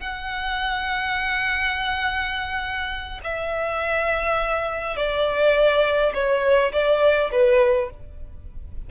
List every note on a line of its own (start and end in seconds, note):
0.00 3.20 F#5
3.23 4.96 E5
4.96 6.13 D5
6.14 6.72 C#5
6.72 7.31 D5
7.32 7.90 B4